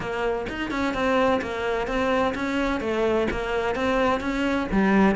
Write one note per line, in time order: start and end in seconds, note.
0.00 0.46 A#3
0.49 0.70 D#4
0.70 0.94 C#4
0.94 1.41 C4
1.41 1.87 A#3
1.87 2.34 C4
2.34 2.80 C#4
2.80 3.27 A3
3.30 3.75 A#3
3.75 4.20 C4
4.20 4.67 C#4
4.71 5.15 G3